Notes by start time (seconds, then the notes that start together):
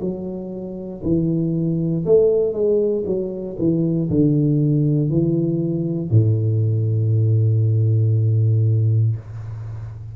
0.00 F#3
1.03 E3
2.05 A3
2.53 G#3
3.05 F#3
3.58 E3
4.09 D3
5.09 E3
6.10 A2